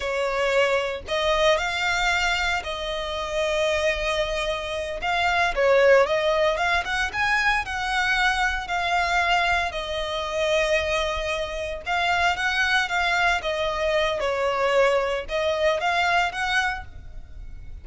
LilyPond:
\new Staff \with { instrumentName = "violin" } { \time 4/4 \tempo 4 = 114 cis''2 dis''4 f''4~ | f''4 dis''2.~ | dis''4. f''4 cis''4 dis''8~ | dis''8 f''8 fis''8 gis''4 fis''4.~ |
fis''8 f''2 dis''4.~ | dis''2~ dis''8 f''4 fis''8~ | fis''8 f''4 dis''4. cis''4~ | cis''4 dis''4 f''4 fis''4 | }